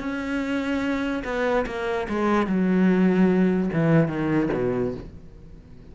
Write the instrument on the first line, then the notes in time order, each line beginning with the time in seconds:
cello
0.00 C#4
1.24 B3
1.67 A#3
2.09 G#3
2.47 F#3
3.74 E3
4.08 D#3
4.54 B2